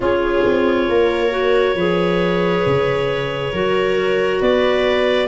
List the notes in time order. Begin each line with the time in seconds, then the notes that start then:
0.00 C#4 F4 G#4 C#5
0.44 C4
0.88 A#3 A#4
1.30 F#4
1.75 F3 G#4 B4
2.66 C#3
3.52 F#3 F#4 A#4
4.40 B3 B4 D5